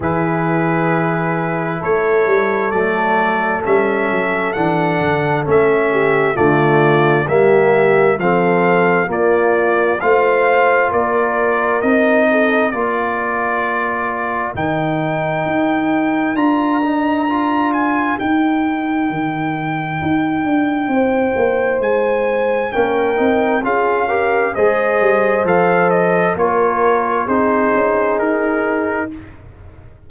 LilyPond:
<<
  \new Staff \with { instrumentName = "trumpet" } { \time 4/4 \tempo 4 = 66 b'2 cis''4 d''4 | e''4 fis''4 e''4 d''4 | e''4 f''4 d''4 f''4 | d''4 dis''4 d''2 |
g''2 ais''4. gis''8 | g''1 | gis''4 g''4 f''4 dis''4 | f''8 dis''8 cis''4 c''4 ais'4 | }
  \new Staff \with { instrumentName = "horn" } { \time 4/4 gis'2 a'2~ | a'2~ a'8 g'8 f'4 | g'4 a'4 f'4 c''4 | ais'4. a'8 ais'2~ |
ais'1~ | ais'2. c''4~ | c''4 ais'4 gis'8 ais'8 c''4~ | c''4 ais'4 gis'2 | }
  \new Staff \with { instrumentName = "trombone" } { \time 4/4 e'2. a4 | cis'4 d'4 cis'4 a4 | ais4 c'4 ais4 f'4~ | f'4 dis'4 f'2 |
dis'2 f'8 dis'8 f'4 | dis'1~ | dis'4 cis'8 dis'8 f'8 g'8 gis'4 | a'4 f'4 dis'2 | }
  \new Staff \with { instrumentName = "tuba" } { \time 4/4 e2 a8 g8 fis4 | g8 fis8 e8 d8 a4 d4 | g4 f4 ais4 a4 | ais4 c'4 ais2 |
dis4 dis'4 d'2 | dis'4 dis4 dis'8 d'8 c'8 ais8 | gis4 ais8 c'8 cis'4 gis8 g8 | f4 ais4 c'8 cis'8 dis'4 | }
>>